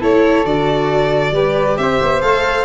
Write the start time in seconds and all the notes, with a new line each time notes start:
0.00 A3 E4 A4 C#5
0.44 D3 F#4 D5
1.31 G3 G4 B4
1.77 C4 C5 E5
2.01 B3
2.21 A3 A4 F5